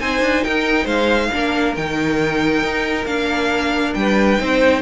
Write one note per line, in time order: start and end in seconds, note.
0.00 0.21 C4
0.00 1.31 D#4
0.00 0.44 C5
0.00 0.44 G#5
0.21 0.43 D4
0.44 0.85 D#4
0.44 0.84 A#4
0.44 0.87 G5
0.84 1.29 G#3
0.84 1.28 C5
0.84 1.75 F5
1.32 1.77 A#3
1.32 1.76 D4
1.32 3.97 A#4
1.76 2.62 D#3
1.76 3.07 D#4
1.76 3.06 G5
2.62 3.06 D#4
3.06 3.93 A#3
3.06 4.38 D4
3.06 3.94 F5
3.94 4.40 G3
3.94 4.41 B4
3.94 4.82 G5
4.38 4.82 C4
4.38 4.82 D#4
4.38 4.82 C5